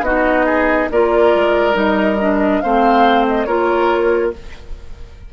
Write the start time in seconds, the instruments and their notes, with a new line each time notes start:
0.00 bassoon B3, clarinet D#4, oboe F#4, flute D#5
0.45 oboe G#4
0.91 bassoon A#3, clarinet F4, oboe A#4, flute D5
1.34 bassoon G#3
1.72 bassoon G3, clarinet D#4, flute D#5
2.20 clarinet D4
2.61 bassoon A3, clarinet C4, oboe C5, flute F5
3.27 flute D#5
3.44 bassoon A#3, clarinet F4, oboe A#4, flute C#5